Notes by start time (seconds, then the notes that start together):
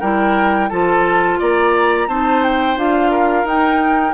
0.00 G3 E4 A#4 G5
0.69 F3 F4 A4 A5
1.39 A#3 D5 A#5
2.08 C4 D#4 C5 A5
2.43 G5
2.77 D4 F4 F5
3.11 A#4
3.44 D#4 G5